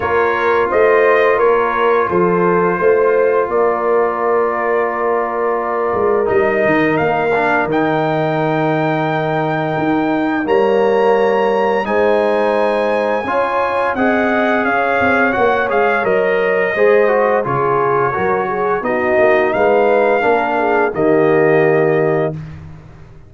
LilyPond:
<<
  \new Staff \with { instrumentName = "trumpet" } { \time 4/4 \tempo 4 = 86 cis''4 dis''4 cis''4 c''4~ | c''4 d''2.~ | d''4 dis''4 f''4 g''4~ | g''2. ais''4~ |
ais''4 gis''2. | fis''4 f''4 fis''8 f''8 dis''4~ | dis''4 cis''2 dis''4 | f''2 dis''2 | }
  \new Staff \with { instrumentName = "horn" } { \time 4/4 ais'4 c''4 ais'4 a'4 | c''4 ais'2.~ | ais'1~ | ais'2. cis''4~ |
cis''4 c''2 cis''4 | dis''4 cis''2. | c''4 gis'4 ais'8 gis'8 fis'4 | b'4 ais'8 gis'8 g'2 | }
  \new Staff \with { instrumentName = "trombone" } { \time 4/4 f'1~ | f'1~ | f'4 dis'4. d'8 dis'4~ | dis'2. ais4~ |
ais4 dis'2 f'4 | gis'2 fis'8 gis'8 ais'4 | gis'8 fis'8 f'4 fis'4 dis'4~ | dis'4 d'4 ais2 | }
  \new Staff \with { instrumentName = "tuba" } { \time 4/4 ais4 a4 ais4 f4 | a4 ais2.~ | ais8 gis8 g8 dis8 ais4 dis4~ | dis2 dis'4 g4~ |
g4 gis2 cis'4 | c'4 cis'8 c'8 ais8 gis8 fis4 | gis4 cis4 fis4 b8 ais8 | gis4 ais4 dis2 | }
>>